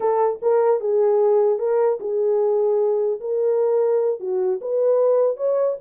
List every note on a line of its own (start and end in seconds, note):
0.00 0.39 A4
0.41 0.80 A#4
0.80 1.59 G#4
1.59 1.99 A#4
2.00 3.20 G#4
3.20 4.20 A#4
4.20 4.60 F#4
4.61 5.36 B4
5.36 5.76 C#5